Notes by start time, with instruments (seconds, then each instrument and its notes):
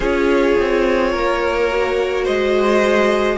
0.00 cello C#4, viola F4, violin G#4 C#5
0.59 cello C4
1.11 cello A#3, violin A#4
1.70 viola F#4
2.24 cello G#3, violin C5 D#5